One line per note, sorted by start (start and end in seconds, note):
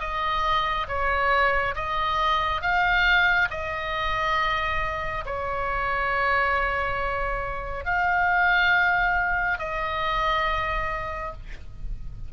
0.00 0.87 D#5
0.88 1.75 C#5
1.75 2.62 D#5
2.62 3.49 F5
3.51 5.25 D#5
5.26 7.85 C#5
7.85 9.59 F5
9.59 11.33 D#5